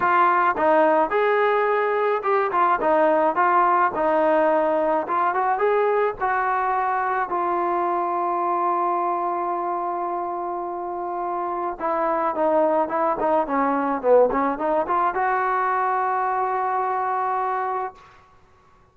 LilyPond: \new Staff \with { instrumentName = "trombone" } { \time 4/4 \tempo 4 = 107 f'4 dis'4 gis'2 | g'8 f'8 dis'4 f'4 dis'4~ | dis'4 f'8 fis'8 gis'4 fis'4~ | fis'4 f'2.~ |
f'1~ | f'4 e'4 dis'4 e'8 dis'8 | cis'4 b8 cis'8 dis'8 f'8 fis'4~ | fis'1 | }